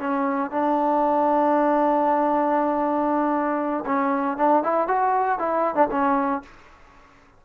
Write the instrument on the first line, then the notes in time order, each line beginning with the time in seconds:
trombone
0.00 C#4
0.52 D4
3.86 C#4
4.38 D4
4.64 E4
4.88 F#4
5.39 E4
5.75 D4
5.92 C#4